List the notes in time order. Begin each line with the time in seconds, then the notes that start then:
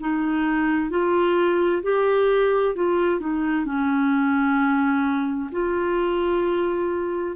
0.00 D#4
0.90 F4
1.83 G4
2.75 F4
3.20 D#4
3.65 C#4
5.52 F4